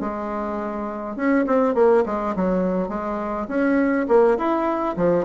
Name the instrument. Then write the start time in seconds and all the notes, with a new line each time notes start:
bassoon
0.00 G#3
1.16 C#4
1.46 C4
1.74 A#3
2.05 G#3
2.36 F#3
2.89 G#3
3.48 C#4
4.08 A#3
4.37 E4
4.96 F3